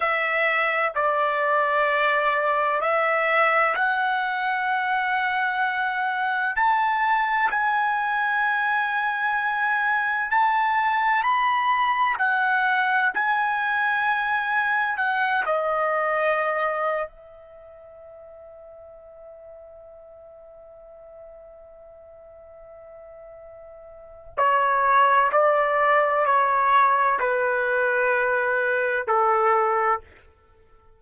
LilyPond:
\new Staff \with { instrumentName = "trumpet" } { \time 4/4 \tempo 4 = 64 e''4 d''2 e''4 | fis''2. a''4 | gis''2. a''4 | b''4 fis''4 gis''2 |
fis''8 dis''4.~ dis''16 e''4.~ e''16~ | e''1~ | e''2 cis''4 d''4 | cis''4 b'2 a'4 | }